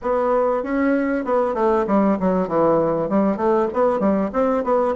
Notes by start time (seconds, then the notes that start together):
0.02 B3
0.63 C#4
1.24 B3
1.54 A3
1.87 G3
2.19 F#3
2.47 E3
3.09 G3
3.37 A3
3.73 B3
3.99 G3
4.32 C4
4.64 B3